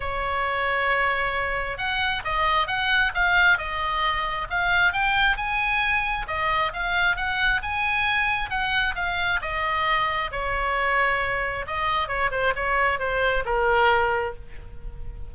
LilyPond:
\new Staff \with { instrumentName = "oboe" } { \time 4/4 \tempo 4 = 134 cis''1 | fis''4 dis''4 fis''4 f''4 | dis''2 f''4 g''4 | gis''2 dis''4 f''4 |
fis''4 gis''2 fis''4 | f''4 dis''2 cis''4~ | cis''2 dis''4 cis''8 c''8 | cis''4 c''4 ais'2 | }